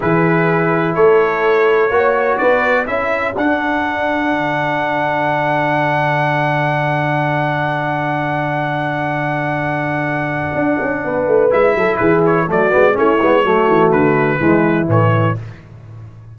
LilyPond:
<<
  \new Staff \with { instrumentName = "trumpet" } { \time 4/4 \tempo 4 = 125 b'2 cis''2~ | cis''4 d''4 e''4 fis''4~ | fis''1~ | fis''1~ |
fis''1~ | fis''1 | e''4 b'8 cis''8 d''4 cis''4~ | cis''4 b'2 cis''4 | }
  \new Staff \with { instrumentName = "horn" } { \time 4/4 gis'2 a'2 | cis''4 b'4 a'2~ | a'1~ | a'1~ |
a'1~ | a'2. b'4~ | b'8 a'8 gis'4 fis'4 e'4 | fis'2 e'2 | }
  \new Staff \with { instrumentName = "trombone" } { \time 4/4 e'1 | fis'2 e'4 d'4~ | d'1~ | d'1~ |
d'1~ | d'1 | e'2 a8 b8 cis'8 b8 | a2 gis4 e4 | }
  \new Staff \with { instrumentName = "tuba" } { \time 4/4 e2 a2 | ais4 b4 cis'4 d'4~ | d'4 d2.~ | d1~ |
d1~ | d2 d'8 cis'8 b8 a8 | gis8 fis8 e4 fis8 gis8 a8 gis8 | fis8 e8 d4 e4 a,4 | }
>>